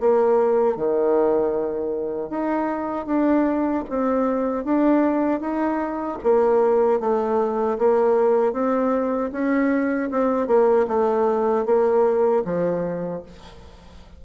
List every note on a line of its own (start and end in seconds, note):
0.00 0.77 A#3
0.77 2.30 D#3
2.30 3.06 D#4
3.06 3.84 D4
3.90 4.65 C4
4.65 5.40 D4
5.40 6.18 D#4
6.23 7.00 A#3
7.00 7.78 A3
7.79 8.53 A#3
8.53 9.31 C4
9.32 10.10 C#4
10.11 10.48 C4
10.48 10.87 A#3
10.88 11.66 A3
11.66 12.44 A#3
12.45 13.23 F3